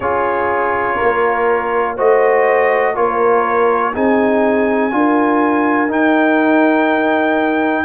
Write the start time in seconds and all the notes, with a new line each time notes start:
0.00 C#4 F4 G#4 C#5
0.96 A#4
1.02 A#3
1.96 A3 F#4 C5 D#5
2.94 A#3 F4 A#4 C#5
3.93 C4 D#4 G#4 G#5
4.91 D4 F4 A#4
5.88 D#4 G5